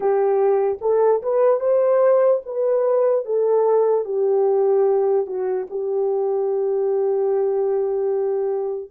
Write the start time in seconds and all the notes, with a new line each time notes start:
0.00 G4
0.81 A4
1.22 B4
1.60 C5
2.45 B4
3.25 A4
4.04 G4
5.26 F#4
5.69 G4